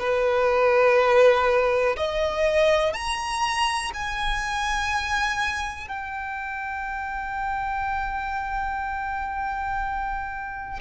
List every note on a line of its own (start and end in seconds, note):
0.00 1.97 B4
1.97 2.94 D#5
2.94 3.92 A#5
3.94 5.88 G#5
5.88 10.80 G5